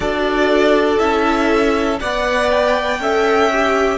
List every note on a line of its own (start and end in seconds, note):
0.00 0.98 D4
0.00 0.99 F#4
0.00 1.99 A4
0.00 0.98 D5
0.99 2.00 C#4
0.99 1.99 E4
0.99 1.99 E5
2.00 2.99 B3
2.00 3.00 B4
2.00 3.00 D5
2.00 2.50 F#5
2.50 3.98 G5
2.99 3.98 C#4
2.99 3.50 A4
2.99 3.98 E5
3.52 3.98 G4